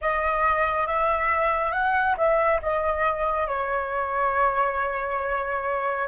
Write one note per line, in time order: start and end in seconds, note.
0.01 0.87 D#5
0.87 1.72 E5
1.72 2.15 F#5
2.17 2.60 E5
2.61 3.47 D#5
3.47 6.08 C#5